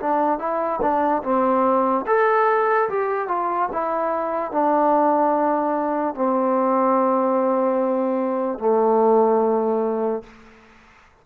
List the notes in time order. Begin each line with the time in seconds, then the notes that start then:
0.00 D4
0.39 E4
0.82 D4
1.24 C4
2.07 A4
2.90 G4
3.28 F4
3.73 E4
4.52 D4
6.15 C4
8.59 A3